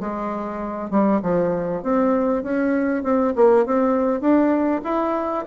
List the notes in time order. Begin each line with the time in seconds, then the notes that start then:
0.00 G#3
0.90 G3
1.22 F3
1.83 C4
2.43 C#4
3.03 C4
3.36 A#3
3.66 C4
4.21 D4
4.84 E4